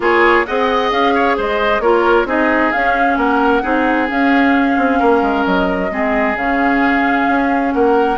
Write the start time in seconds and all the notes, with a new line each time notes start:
0.00 A#3 F4 G#4 C#5
0.45 C4 G#4 D#5 F#5
0.91 C#4 F5
1.14 C#5
1.36 G#3 C5 D#5
1.80 A#3 F4 A#4 C#5
2.25 C4 D#4 G#4 D#5
2.72 C#4 F5
3.16 A#3 A#4 F#5
3.62 C4 D#4 G#4
4.07 C#4 F5
4.77 C4
4.99 A#3 A#4
5.21 G#3
5.45 F#3 D#5
5.90 G#3 C4 G#4
6.35 C#3 C#4 F5
7.28 C#4
7.73 A#3 A#4 F#5